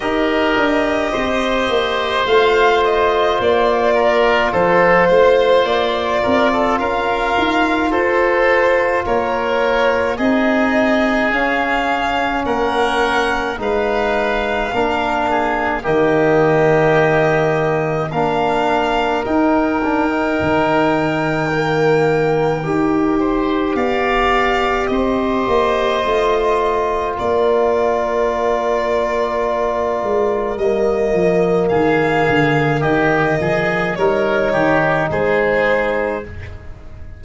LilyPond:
<<
  \new Staff \with { instrumentName = "violin" } { \time 4/4 \tempo 4 = 53 dis''2 f''8 dis''8 d''4 | c''4 d''4 f''4 c''4 | cis''4 dis''4 f''4 fis''4 | f''2 dis''2 |
f''4 g''2.~ | g''4 f''4 dis''2 | d''2. dis''4 | f''4 dis''4 cis''4 c''4 | }
  \new Staff \with { instrumentName = "oboe" } { \time 4/4 ais'4 c''2~ c''8 ais'8 | a'8 c''4 ais'16 a'16 ais'4 a'4 | ais'4 gis'2 ais'4 | b'4 ais'8 gis'8 g'2 |
ais'1~ | ais'8 c''8 d''4 c''2 | ais'1 | gis'4 g'8 gis'8 ais'8 g'8 gis'4 | }
  \new Staff \with { instrumentName = "trombone" } { \time 4/4 g'2 f'2~ | f'1~ | f'4 dis'4 cis'2 | dis'4 d'4 ais2 |
d'4 dis'8 d'16 dis'4~ dis'16 ais4 | g'2. f'4~ | f'2. ais4~ | ais2 dis'2 | }
  \new Staff \with { instrumentName = "tuba" } { \time 4/4 dis'8 d'8 c'8 ais8 a4 ais4 | f8 a8 ais8 c'8 cis'8 dis'8 f'4 | ais4 c'4 cis'4 ais4 | gis4 ais4 dis2 |
ais4 dis'4 dis2 | dis'4 b4 c'8 ais8 a4 | ais2~ ais8 gis8 g8 f8 | dis8 d8 dis8 f8 g8 dis8 gis4 | }
>>